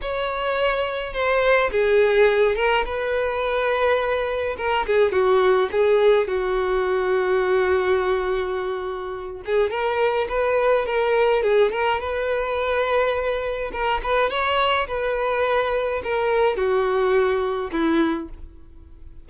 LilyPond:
\new Staff \with { instrumentName = "violin" } { \time 4/4 \tempo 4 = 105 cis''2 c''4 gis'4~ | gis'8 ais'8 b'2. | ais'8 gis'8 fis'4 gis'4 fis'4~ | fis'1~ |
fis'8 gis'8 ais'4 b'4 ais'4 | gis'8 ais'8 b'2. | ais'8 b'8 cis''4 b'2 | ais'4 fis'2 e'4 | }